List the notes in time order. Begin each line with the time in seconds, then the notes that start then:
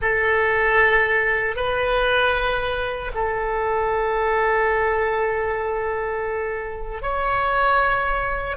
0.01 A4
1.55 B4
3.14 A4
7.02 C#5